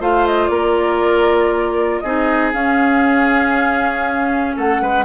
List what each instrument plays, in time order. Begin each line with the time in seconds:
0.00 bassoon A3, clarinet F4, oboe C5, flute F5
0.27 flute D#5
0.47 bassoon A#3, oboe A#4, flute D5
2.00 bassoon C4, clarinet D#4, oboe G#4, flute D#5
2.53 clarinet C#4, bassoon C#4, flute F5
4.56 bassoon A3, oboe A4, flute F#5
4.81 bassoon G#3, oboe B4